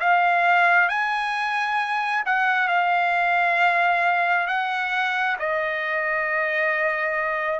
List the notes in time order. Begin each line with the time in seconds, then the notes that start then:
0.00 F5
0.89 G#5
2.26 F#5
2.68 F5
4.48 F#5
5.40 D#5